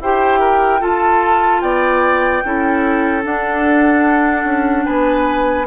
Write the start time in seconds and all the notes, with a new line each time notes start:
0.00 E4 G4 C5 G5
0.40 A#4
0.80 F4 A4 A5
1.61 B3 D5 G5
2.44 C#4 E4 A4
3.22 D4 F#5
4.44 C#4
4.85 B3 B4 G#5